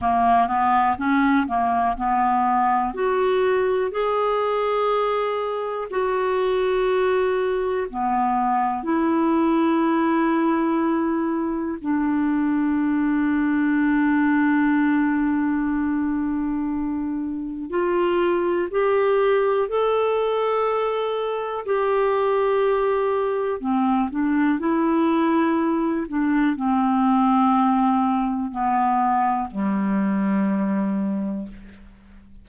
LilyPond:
\new Staff \with { instrumentName = "clarinet" } { \time 4/4 \tempo 4 = 61 ais8 b8 cis'8 ais8 b4 fis'4 | gis'2 fis'2 | b4 e'2. | d'1~ |
d'2 f'4 g'4 | a'2 g'2 | c'8 d'8 e'4. d'8 c'4~ | c'4 b4 g2 | }